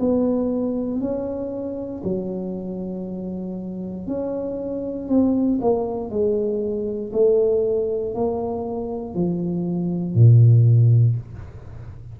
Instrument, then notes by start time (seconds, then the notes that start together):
tuba
0.00 B3
1.00 C#4
2.03 F#3
4.07 C#4
5.08 C4
5.61 A#3
6.10 G#3
7.13 A3
8.14 A#3
9.14 F3
10.14 A#2